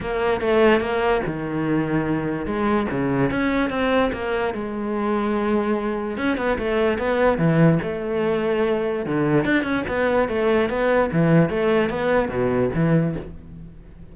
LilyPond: \new Staff \with { instrumentName = "cello" } { \time 4/4 \tempo 4 = 146 ais4 a4 ais4 dis4~ | dis2 gis4 cis4 | cis'4 c'4 ais4 gis4~ | gis2. cis'8 b8 |
a4 b4 e4 a4~ | a2 d4 d'8 cis'8 | b4 a4 b4 e4 | a4 b4 b,4 e4 | }